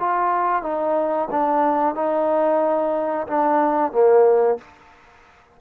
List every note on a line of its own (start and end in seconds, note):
0.00 0.63 F4
0.63 1.29 D#4
1.31 1.95 D4
1.95 3.27 D#4
3.28 3.92 D4
3.92 4.58 A#3